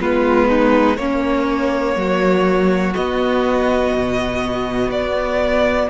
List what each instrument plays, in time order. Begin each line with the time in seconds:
0.00 cello G#3, viola B3, violin F4 B4
0.48 violin D#4
0.97 cello A#3, viola A#3, violin C#4 C#5
1.96 cello F#3, violin F#4
2.94 viola B3, cello B3, violin D#5
3.93 cello B2
4.89 cello B3, violin D5